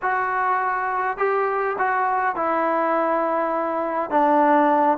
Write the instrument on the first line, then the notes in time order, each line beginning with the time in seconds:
trombone
0.02 F#4
1.17 G4
1.78 F#4
2.35 E4
4.10 D4